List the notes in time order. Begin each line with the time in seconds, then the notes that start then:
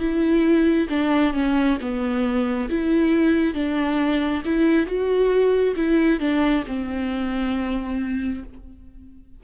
0.00 E4
0.90 D4
1.34 C#4
1.81 B3
2.70 E4
3.55 D4
4.46 E4
4.87 F#4
5.77 E4
6.20 D4
6.67 C4